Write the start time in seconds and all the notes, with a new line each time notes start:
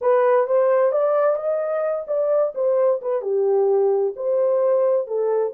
0.01 B4
0.47 C5
0.92 D5
1.36 D#5
2.07 D5
2.54 C5
3.01 B4
3.21 G4
4.16 C5
5.07 A4